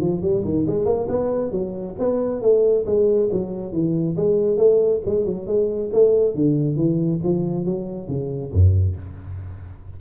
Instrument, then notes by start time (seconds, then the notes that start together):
tuba
0.00 F3
0.21 G3
0.44 D#3
0.67 G#3
0.85 A#3
1.08 B3
1.51 F#3
1.99 B3
2.41 A3
2.86 G#3
3.32 F#3
3.72 E3
4.16 G#3
4.57 A3
5.05 G#3
5.25 F#3
5.46 G#3
5.92 A3
6.35 D3
6.76 E3
7.24 F3
7.65 F#3
8.08 C#3
8.52 F#2